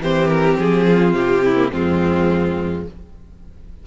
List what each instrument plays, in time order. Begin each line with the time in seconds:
0.00 cello E3, viola C4, violin G4 C5
0.28 violin A#4
0.59 cello F3, violin G#4
0.88 violin F4
1.13 cello C3, violin G4
1.45 violin E4
1.56 viola A#3
1.72 cello F2, viola G#3, violin C4 F4